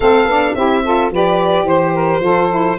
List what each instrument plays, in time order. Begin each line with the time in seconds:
0.00 tuba A3, saxophone C4 A4, violin F5
0.25 tuba B3, saxophone D4
0.54 tuba C4, saxophone E4 G4, violin E5
0.84 saxophone F4 A4
1.10 tuba F3, saxophone G4 B4, violin D5
1.63 tuba E3, saxophone C5, violin C5
1.94 saxophone A#4
2.20 tuba F3, saxophone F4 A4
2.49 saxophone E4